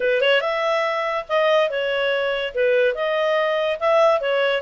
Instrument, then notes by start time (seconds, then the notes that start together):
clarinet
0.00 B4
0.21 C#5
0.40 E5
1.29 D#5
1.69 C#5
2.54 B4
2.94 D#5
3.79 E5
4.20 C#5